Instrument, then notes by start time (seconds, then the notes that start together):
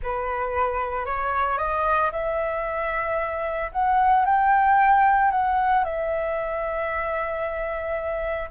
flute
0.02 B4
1.05 C#5
1.57 D#5
2.11 E5
3.72 F#5
4.25 G5
5.31 F#5
5.84 E5